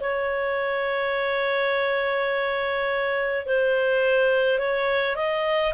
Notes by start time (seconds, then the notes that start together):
0.00 C#5
3.46 C5
4.59 C#5
5.16 D#5